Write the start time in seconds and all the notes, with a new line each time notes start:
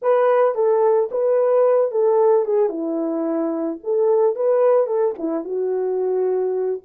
0.02 B4
0.55 A4
1.11 B4
1.91 A4
2.45 G#4
2.69 E4
3.83 A4
4.35 B4
4.87 A4
5.18 E4
5.44 F#4